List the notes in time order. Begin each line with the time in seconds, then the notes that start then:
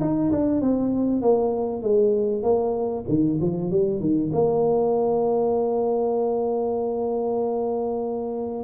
0.00 D#4
0.31 D4
0.61 C4
1.21 A#3
1.82 G#3
2.43 A#3
3.08 D#3
3.41 F3
3.71 G3
4.00 D#3
4.33 A#3